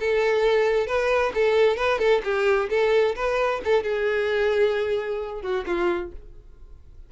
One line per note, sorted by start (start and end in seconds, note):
0.00 0.87 A4
0.87 1.32 B4
1.34 1.77 A4
1.77 1.99 B4
1.99 2.21 A4
2.24 2.69 G4
2.70 3.15 A4
3.16 3.61 B4
3.64 3.83 A4
3.83 5.42 G#4
5.42 5.65 F#4
5.67 6.12 F4